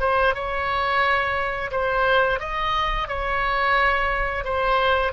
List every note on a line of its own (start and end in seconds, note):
0.00 0.34 C5
0.34 1.71 C#5
1.71 2.40 C5
2.40 3.08 D#5
3.08 4.44 C#5
4.44 5.12 C5